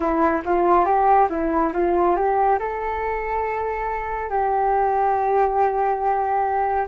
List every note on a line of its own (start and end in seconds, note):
0.00 0.41 E4
0.45 0.85 F4
0.85 1.27 G4
1.29 1.72 E4
1.73 2.15 F4
2.15 2.58 G4
2.59 4.29 A4
4.29 6.86 G4